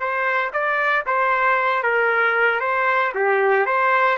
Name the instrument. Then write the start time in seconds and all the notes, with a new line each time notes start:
trumpet
0.00 C5
0.53 D5
1.06 C5
1.84 A#4
2.61 C5
3.15 G4
3.66 C5